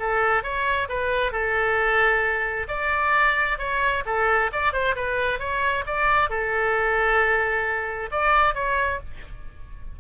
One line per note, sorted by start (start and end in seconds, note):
0.00 0.43 A4
0.43 0.89 C#5
0.89 1.32 B4
1.32 2.68 A4
2.68 3.59 D5
3.59 4.04 C#5
4.06 4.51 A4
4.53 4.73 D5
4.73 4.96 C5
4.96 5.40 B4
5.40 5.85 C#5
5.87 6.30 D5
6.30 8.11 A4
8.12 8.55 D5
8.55 9.00 C#5